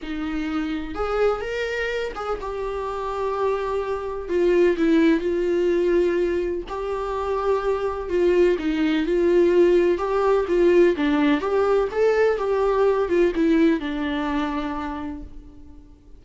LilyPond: \new Staff \with { instrumentName = "viola" } { \time 4/4 \tempo 4 = 126 dis'2 gis'4 ais'4~ | ais'8 gis'8 g'2.~ | g'4 f'4 e'4 f'4~ | f'2 g'2~ |
g'4 f'4 dis'4 f'4~ | f'4 g'4 f'4 d'4 | g'4 a'4 g'4. f'8 | e'4 d'2. | }